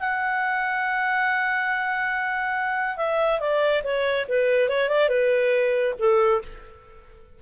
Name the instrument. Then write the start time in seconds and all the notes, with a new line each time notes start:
clarinet
0.00 F#5
2.97 E5
3.40 D5
3.84 C#5
4.29 B4
4.69 C#5
4.89 D5
5.09 B4
5.99 A4